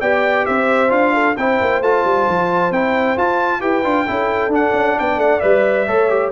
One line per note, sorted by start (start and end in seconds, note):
0.00 0.46 B3
0.00 0.88 G4
0.00 0.45 D5
0.00 0.45 G5
0.45 0.90 C4
0.45 1.13 C5
0.45 0.90 E5
0.88 1.35 D4
0.88 1.33 F4
0.88 1.36 F5
1.13 1.36 A4
1.36 1.60 C4
1.36 1.83 E4
1.36 3.61 C5
1.36 1.82 G5
1.61 1.80 A#3
1.80 2.03 A3
1.80 2.72 F4
1.80 2.72 A5
2.04 2.27 G3
2.28 2.71 F3
2.71 3.16 C4
2.71 3.17 E4
2.71 3.17 G5
3.17 3.62 F4
3.17 3.60 F4
3.17 3.61 A5
3.60 3.84 E4
3.60 3.83 G4
3.60 4.06 B4
3.60 4.51 G5
3.83 4.07 D4
3.83 4.06 F4
4.06 4.48 C#4
4.06 4.50 E4
4.06 4.98 A4
4.48 4.70 D4
4.48 5.41 D4
4.54 4.99 F#5
4.72 4.95 C#4
4.98 5.17 B3
4.98 5.87 D5
4.98 5.20 G5
5.17 5.39 A3
5.17 5.40 F#5
5.40 5.87 G3
5.40 5.86 B4
5.40 6.30 E5
5.87 6.31 A3
5.87 6.09 A4
5.87 6.31 C#5
6.09 6.31 G4